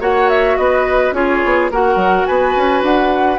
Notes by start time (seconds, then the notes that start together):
0.00 A#3 F#4 C#5 F#5
0.29 E5
0.57 B3 B4 D#5
1.11 C#4 F4 G#4 C#5
1.44 B3
1.70 A#3 F#4 A#4 F#5
1.95 F#3
2.26 B3 B4 G#5
2.56 C#4
2.82 D4 F#5